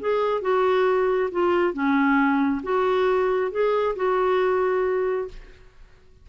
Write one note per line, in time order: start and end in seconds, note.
0.00 0.41 G#4
0.41 1.30 F#4
1.31 1.73 F4
1.73 2.61 C#4
2.63 3.51 F#4
3.51 3.95 G#4
3.96 5.28 F#4